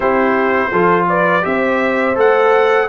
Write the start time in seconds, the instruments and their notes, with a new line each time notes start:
0.00 tuba C4, trombone E4, horn G4, trumpet C5
0.71 tuba F3, trombone F4, horn A4
1.08 horn B4, trumpet D5
1.41 tuba C4, trombone G4, horn C5, trumpet E5
2.14 tuba A3, trombone A4, trumpet F#5